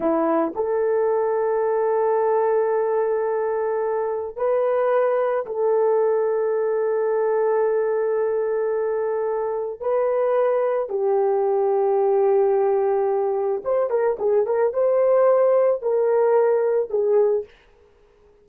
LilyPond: \new Staff \with { instrumentName = "horn" } { \time 4/4 \tempo 4 = 110 e'4 a'2.~ | a'1 | b'2 a'2~ | a'1~ |
a'2 b'2 | g'1~ | g'4 c''8 ais'8 gis'8 ais'8 c''4~ | c''4 ais'2 gis'4 | }